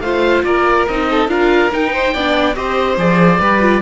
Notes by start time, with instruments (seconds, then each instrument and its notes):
0.00 cello A3, viola F4, violin C5, oboe F5
0.43 cello A#3, violin A#4, oboe D5
0.87 cello C4, viola D#4, oboe D#5
1.10 violin A4
1.27 cello D4, viola F4, violin A#4, oboe F5
1.71 viola D#4, cello D#4, oboe G5
1.92 violin C5
2.13 cello B3, viola D4, violin D5
2.54 cello C4, viola G4, violin C5, oboe D#5
2.97 cello F3, viola G#4, oboe D5
3.40 cello G3, viola G4, violin B4
3.60 viola F4